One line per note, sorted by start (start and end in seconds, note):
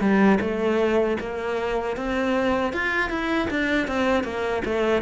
0.00 0.38 G3
0.40 1.17 A3
1.20 1.97 A#3
1.97 2.73 C4
2.73 3.09 F4
3.09 3.48 E4
3.50 3.87 D4
3.87 4.24 C4
4.24 4.62 A#3
4.65 5.02 A3